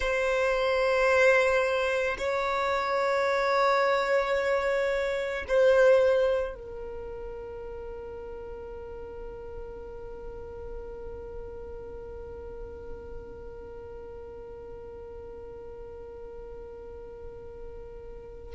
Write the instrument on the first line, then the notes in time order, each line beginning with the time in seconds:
violin
0.00 C5
2.18 C#5
5.47 C5
6.55 A#4